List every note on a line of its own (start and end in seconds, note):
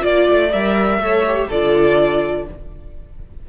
0.00 0.28 A#3
0.00 0.49 F4
0.00 0.99 D5
0.00 0.53 D5
0.29 0.54 A3
0.53 0.98 G3
0.53 1.00 A#4
0.53 1.50 E5
0.98 1.47 A3
0.98 1.25 A4
0.98 1.48 C#5
1.27 1.51 G4
1.48 2.49 D3
1.48 2.49 F4
1.48 2.46 A4
1.48 2.48 D5